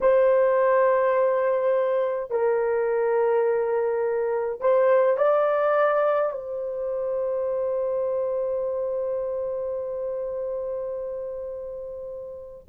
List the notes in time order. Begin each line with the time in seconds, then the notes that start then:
0.00 C5
2.30 A#4
4.60 C5
5.17 D5
6.32 C5